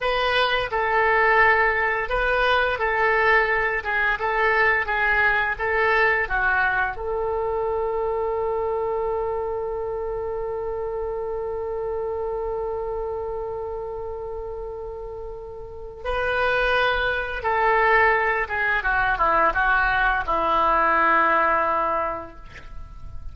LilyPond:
\new Staff \with { instrumentName = "oboe" } { \time 4/4 \tempo 4 = 86 b'4 a'2 b'4 | a'4. gis'8 a'4 gis'4 | a'4 fis'4 a'2~ | a'1~ |
a'1~ | a'2. b'4~ | b'4 a'4. gis'8 fis'8 e'8 | fis'4 e'2. | }